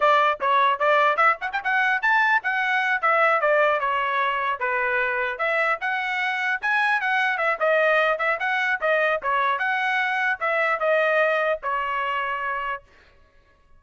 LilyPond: \new Staff \with { instrumentName = "trumpet" } { \time 4/4 \tempo 4 = 150 d''4 cis''4 d''4 e''8 fis''16 g''16 | fis''4 a''4 fis''4. e''8~ | e''8 d''4 cis''2 b'8~ | b'4. e''4 fis''4.~ |
fis''8 gis''4 fis''4 e''8 dis''4~ | dis''8 e''8 fis''4 dis''4 cis''4 | fis''2 e''4 dis''4~ | dis''4 cis''2. | }